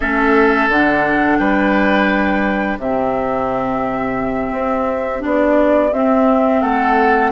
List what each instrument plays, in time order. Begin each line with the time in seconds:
0.00 bassoon A3, clarinet C#4, oboe A4, flute E5
0.68 bassoon D3, clarinet D4, flute F#5
1.37 bassoon G3, oboe B4, flute G5
2.78 bassoon C3, clarinet C4, oboe G4, flute E5
4.52 bassoon C4
5.19 bassoon B3, clarinet D4, flute D5
5.92 bassoon C4, clarinet C4, flute E5
6.61 bassoon A3, oboe A4, flute F#5